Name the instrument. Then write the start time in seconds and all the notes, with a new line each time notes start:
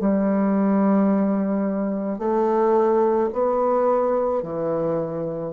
bassoon
0.00 G3
2.19 A3
3.33 B3
4.43 E3